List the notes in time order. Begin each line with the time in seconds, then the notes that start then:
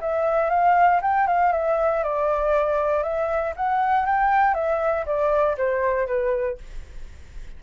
0.00 E5
0.49 F5
1.01 G5
1.27 F5
1.52 E5
2.03 D5
3.03 E5
3.56 F#5
4.05 G5
4.54 E5
5.05 D5
5.57 C5
6.06 B4